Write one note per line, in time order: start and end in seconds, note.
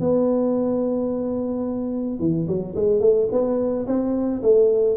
0.00 2.19 B3
2.19 2.47 E3
2.47 2.75 F#3
2.75 3.01 G#3
3.01 3.28 A3
3.31 3.86 B3
3.87 4.42 C4
4.42 4.96 A3